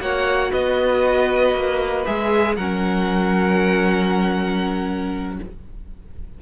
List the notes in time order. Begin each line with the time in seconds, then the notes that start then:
0.00 A#3 F#4 C#5 F#5
0.51 B3 B4 D#5
1.54 A#3
2.05 G#3 G#4 E5
2.55 F#3 C#4 A#4 F#5